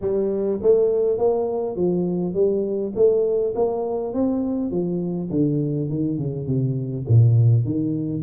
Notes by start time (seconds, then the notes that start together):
0.01 G3
0.62 A3
1.17 A#3
1.76 F3
2.34 G3
2.95 A3
3.55 A#3
4.13 C4
4.70 F3
5.30 D3
5.89 D#3
6.18 C#3
6.47 C3
7.07 A#2
7.65 D#3